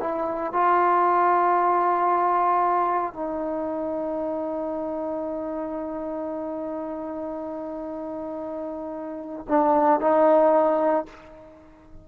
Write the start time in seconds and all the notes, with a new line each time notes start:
0.00 E4
0.53 F4
3.14 D#4
9.49 D4
10.00 D#4